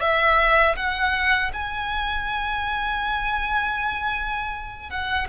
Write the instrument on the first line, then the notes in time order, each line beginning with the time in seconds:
violin
0.00 E5
0.76 F#5
1.53 G#5
4.90 F#5